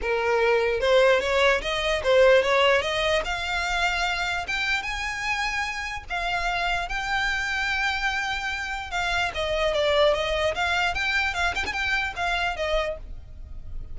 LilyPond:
\new Staff \with { instrumentName = "violin" } { \time 4/4 \tempo 4 = 148 ais'2 c''4 cis''4 | dis''4 c''4 cis''4 dis''4 | f''2. g''4 | gis''2. f''4~ |
f''4 g''2.~ | g''2 f''4 dis''4 | d''4 dis''4 f''4 g''4 | f''8 g''16 gis''16 g''4 f''4 dis''4 | }